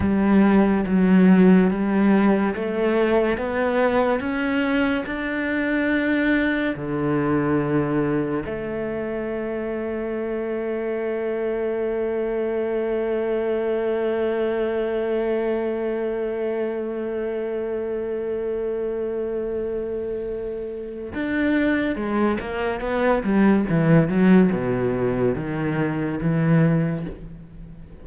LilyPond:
\new Staff \with { instrumentName = "cello" } { \time 4/4 \tempo 4 = 71 g4 fis4 g4 a4 | b4 cis'4 d'2 | d2 a2~ | a1~ |
a1~ | a1~ | a4 d'4 gis8 ais8 b8 g8 | e8 fis8 b,4 dis4 e4 | }